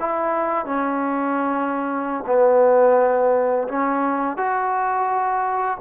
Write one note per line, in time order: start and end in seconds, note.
0.00 0.66 E4
0.66 2.25 C#4
2.27 3.68 B3
3.68 4.37 C#4
4.37 5.78 F#4